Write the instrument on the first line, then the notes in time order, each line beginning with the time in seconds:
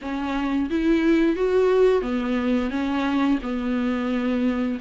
viola
0.01 C#4
0.70 E4
1.36 F#4
2.02 B3
2.70 C#4
3.42 B3